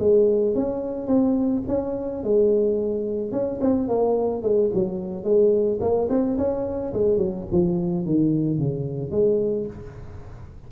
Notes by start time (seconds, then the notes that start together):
0.00 G#3
0.56 C#4
1.08 C4
1.68 C#4
2.24 G#3
3.33 C#4
3.61 C4
3.89 A#3
4.43 G#3
4.74 F#3
5.24 G#3
5.81 A#3
6.10 C4
6.38 C#4
6.94 G#3
7.18 F#3
7.52 F3
8.06 D#3
8.59 C#3
9.12 G#3